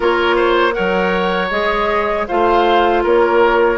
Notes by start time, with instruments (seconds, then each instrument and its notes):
0.00 bassoon A#3, clarinet F4, oboe A#4, flute C#5
0.36 oboe C5
0.72 clarinet A#4, oboe C#5, flute F#5
0.78 bassoon F#3
1.50 bassoon G#3, clarinet G#4, flute D#5
2.27 bassoon A3, clarinet F4, oboe C5, flute F5
3.03 bassoon A#3, oboe A#4, flute C#5